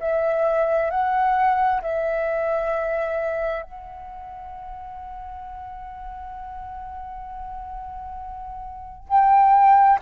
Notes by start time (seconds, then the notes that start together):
0.00 E5
0.90 F#5
1.82 E5
3.63 F#5
9.09 G5